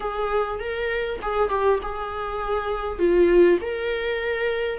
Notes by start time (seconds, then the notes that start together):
0.00 G#4
0.59 A#4
1.22 G#4
1.49 G4
1.82 G#4
2.98 F4
3.61 A#4